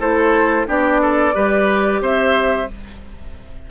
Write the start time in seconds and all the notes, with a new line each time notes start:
0.00 A3 E4 A4 C5
0.66 B3 D4 G4 D5
1.02 A4
1.34 G3 G4 B4
2.01 C4 C5 E5